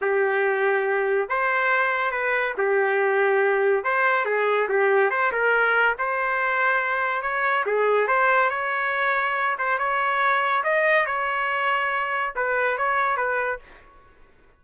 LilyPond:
\new Staff \with { instrumentName = "trumpet" } { \time 4/4 \tempo 4 = 141 g'2. c''4~ | c''4 b'4 g'2~ | g'4 c''4 gis'4 g'4 | c''8 ais'4. c''2~ |
c''4 cis''4 gis'4 c''4 | cis''2~ cis''8 c''8 cis''4~ | cis''4 dis''4 cis''2~ | cis''4 b'4 cis''4 b'4 | }